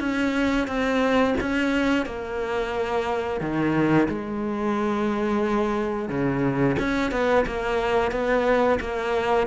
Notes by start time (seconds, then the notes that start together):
0.00 C#4
0.67 C4
1.41 C#4
2.06 A#3
3.41 D#3
4.08 G#3
6.09 C#3
6.79 C#4
7.12 B3
7.46 A#3
8.12 B3
8.80 A#3